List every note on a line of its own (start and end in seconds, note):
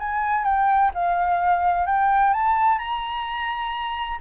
0.00 0.45 G#5
0.45 0.91 G5
0.95 1.87 F5
1.87 2.34 G5
2.34 2.79 A5
2.79 4.20 A#5